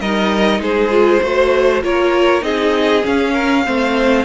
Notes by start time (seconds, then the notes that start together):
0.00 G3 D#4 A#4 D#5
0.59 G#3 G#4 C5
0.90 F4
1.22 A3 F#4 C5
1.82 A#3 F4 A#4 C#5
2.41 C4 D#4 G#4 D#5
3.03 C#4 F5
3.33 A#4
3.65 A3 C4 C5